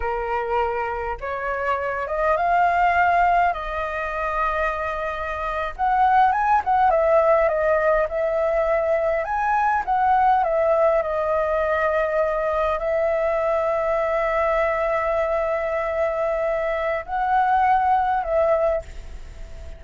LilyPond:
\new Staff \with { instrumentName = "flute" } { \time 4/4 \tempo 4 = 102 ais'2 cis''4. dis''8 | f''2 dis''2~ | dis''4.~ dis''16 fis''4 gis''8 fis''8 e''16~ | e''8. dis''4 e''2 gis''16~ |
gis''8. fis''4 e''4 dis''4~ dis''16~ | dis''4.~ dis''16 e''2~ e''16~ | e''1~ | e''4 fis''2 e''4 | }